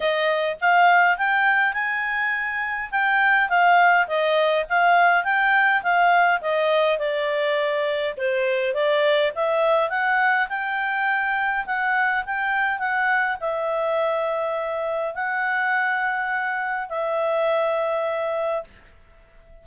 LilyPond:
\new Staff \with { instrumentName = "clarinet" } { \time 4/4 \tempo 4 = 103 dis''4 f''4 g''4 gis''4~ | gis''4 g''4 f''4 dis''4 | f''4 g''4 f''4 dis''4 | d''2 c''4 d''4 |
e''4 fis''4 g''2 | fis''4 g''4 fis''4 e''4~ | e''2 fis''2~ | fis''4 e''2. | }